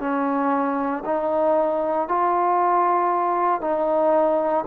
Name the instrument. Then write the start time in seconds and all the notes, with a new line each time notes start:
trombone
0.00 C#4
1.05 D#4
2.09 F4
3.61 D#4